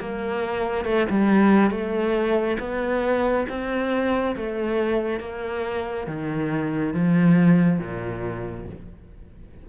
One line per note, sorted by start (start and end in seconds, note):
0.00 0.85 A#3
0.85 1.07 A3
1.09 1.70 G3
1.70 2.57 A3
2.59 3.46 B3
3.49 4.36 C4
4.36 5.20 A3
5.20 6.07 A#3
6.07 6.94 D#3
6.94 7.79 F3
7.79 8.66 A#2